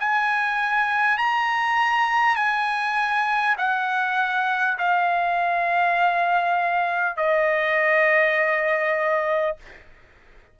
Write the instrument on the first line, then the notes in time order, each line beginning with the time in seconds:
trumpet
0.00 G#5
1.18 A#5
2.36 G#5
3.57 F#5
4.78 F5
7.17 D#5